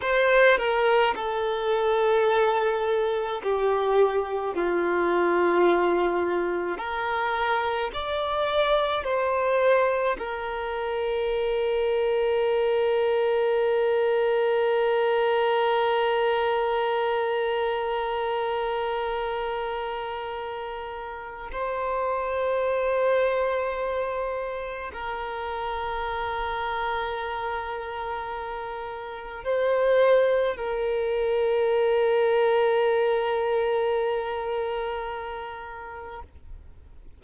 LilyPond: \new Staff \with { instrumentName = "violin" } { \time 4/4 \tempo 4 = 53 c''8 ais'8 a'2 g'4 | f'2 ais'4 d''4 | c''4 ais'2.~ | ais'1~ |
ais'2. c''4~ | c''2 ais'2~ | ais'2 c''4 ais'4~ | ais'1 | }